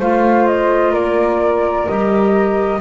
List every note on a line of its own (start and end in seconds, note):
0.00 0.94 A3
0.00 1.88 F4
0.00 0.92 C5
0.00 0.48 F5
0.48 0.95 D#5
0.92 1.88 A#3
0.92 2.79 A#4
0.92 1.88 D5
1.88 2.81 G3
1.88 2.81 G4
1.88 2.81 D#5